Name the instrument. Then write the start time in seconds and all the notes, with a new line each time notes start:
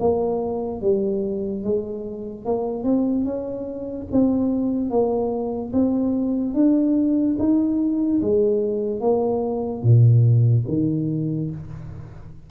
tuba
0.00 A#3
0.81 G3
1.64 G#3
2.45 A#3
2.84 C4
3.25 C#4
4.12 C4
4.90 A#3
5.73 C4
6.54 D4
7.39 D#4
8.22 G#3
9.01 A#3
9.83 A#2
10.68 D#3